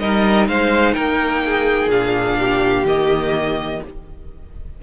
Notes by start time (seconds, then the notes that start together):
0.00 G3 D#4 A#4 D#5
0.48 G#3 C5 F5
0.94 A#3 A#4 G5
1.45 G#4
1.88 A#2 D4 F5
2.39 G4
2.84 D#3 A#3 D#5